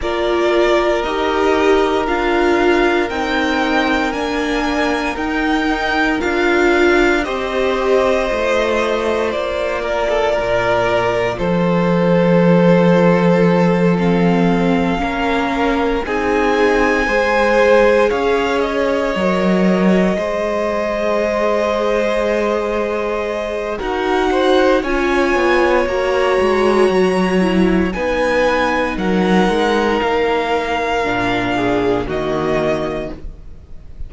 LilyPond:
<<
  \new Staff \with { instrumentName = "violin" } { \time 4/4 \tempo 4 = 58 d''4 dis''4 f''4 g''4 | gis''4 g''4 f''4 dis''4~ | dis''4 d''2 c''4~ | c''4. f''2 gis''8~ |
gis''4. f''8 dis''2~ | dis''2. fis''4 | gis''4 ais''2 gis''4 | fis''4 f''2 dis''4 | }
  \new Staff \with { instrumentName = "violin" } { \time 4/4 ais'1~ | ais'2. c''4~ | c''4. ais'16 a'16 ais'4 a'4~ | a'2~ a'8 ais'4 gis'8~ |
gis'8 c''4 cis''2 c''8~ | c''2. ais'8 c''8 | cis''2. b'4 | ais'2~ ais'8 gis'8 fis'4 | }
  \new Staff \with { instrumentName = "viola" } { \time 4/4 f'4 g'4 f'4 dis'4 | d'4 dis'4 f'4 g'4 | f'1~ | f'4. c'4 cis'4 dis'8~ |
dis'8 gis'2 ais'4 gis'8~ | gis'2. fis'4 | f'4 fis'4. e'8 dis'4~ | dis'2 d'4 ais4 | }
  \new Staff \with { instrumentName = "cello" } { \time 4/4 ais4 dis'4 d'4 c'4 | ais4 dis'4 d'4 c'4 | a4 ais4 ais,4 f4~ | f2~ f8 ais4 c'8~ |
c'8 gis4 cis'4 fis4 gis8~ | gis2. dis'4 | cis'8 b8 ais8 gis8 fis4 b4 | fis8 gis8 ais4 ais,4 dis4 | }
>>